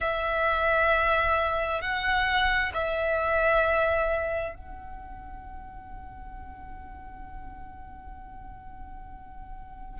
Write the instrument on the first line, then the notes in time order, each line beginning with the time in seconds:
violin
0.00 E5
1.81 F#5
2.74 E5
4.55 F#5